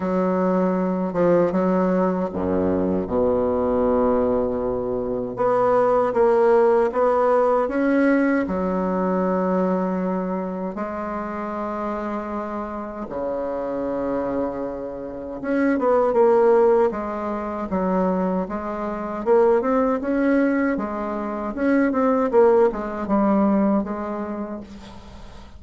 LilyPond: \new Staff \with { instrumentName = "bassoon" } { \time 4/4 \tempo 4 = 78 fis4. f8 fis4 fis,4 | b,2. b4 | ais4 b4 cis'4 fis4~ | fis2 gis2~ |
gis4 cis2. | cis'8 b8 ais4 gis4 fis4 | gis4 ais8 c'8 cis'4 gis4 | cis'8 c'8 ais8 gis8 g4 gis4 | }